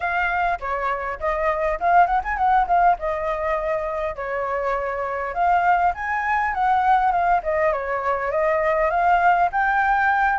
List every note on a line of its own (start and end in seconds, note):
0.00 0.59 F5
0.59 1.19 C#5
1.19 1.79 D#5
1.80 2.06 F5
2.06 2.21 F#5
2.23 2.37 G#5
2.37 2.66 F#5
2.67 2.96 F5
2.98 4.15 D#5
4.15 5.34 C#5
5.34 5.93 F5
5.94 6.53 G#5
6.53 7.11 F#5
7.11 7.41 F5
7.43 7.72 D#5
7.72 8.31 C#5
8.31 8.90 D#5
8.90 9.49 F5
9.52 10.39 G5